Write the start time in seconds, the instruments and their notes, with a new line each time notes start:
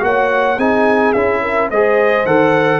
0.00 tuba A#3, trombone F#4, horn C#5, trumpet F#5
0.57 tuba C4, trombone D#4, horn G#4, trumpet G#5
1.13 tuba C#4, trombone E4, trumpet E5
1.42 horn A#4
1.70 tuba G#3, trombone G#4, horn C5, trumpet D#5
2.25 tuba D#3, trombone A4, trumpet F#5